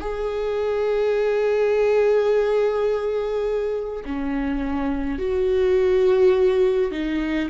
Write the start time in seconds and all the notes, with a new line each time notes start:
0.00 G#4
4.05 C#4
5.19 F#4
6.91 D#4